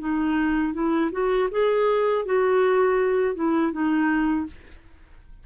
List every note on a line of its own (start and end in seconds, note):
0.00 0.74 D#4
0.74 1.11 E4
1.12 1.49 F#4
1.52 2.26 G#4
2.26 3.35 F#4
3.35 3.72 E4
3.72 4.46 D#4